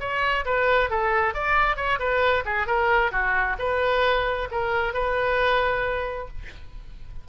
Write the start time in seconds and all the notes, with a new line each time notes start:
0.00 C#5
0.45 B4
0.90 A4
1.34 D5
1.76 C#5
1.99 B4
2.45 G#4
2.67 A#4
3.11 F#4
3.59 B4
4.51 A#4
4.94 B4